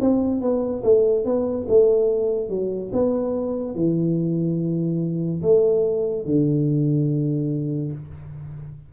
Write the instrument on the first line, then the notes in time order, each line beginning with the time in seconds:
tuba
0.00 C4
0.41 B3
0.83 A3
1.25 B3
1.68 A3
2.49 F#3
2.92 B3
3.75 E3
5.42 A3
6.25 D3